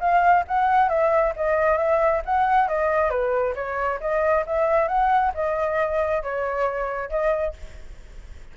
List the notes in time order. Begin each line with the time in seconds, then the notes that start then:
0.00 F5
0.48 F#5
0.89 E5
1.36 D#5
1.77 E5
2.25 F#5
2.68 D#5
3.10 B4
3.55 C#5
4.00 D#5
4.46 E5
4.88 F#5
5.34 D#5
6.23 C#5
7.09 D#5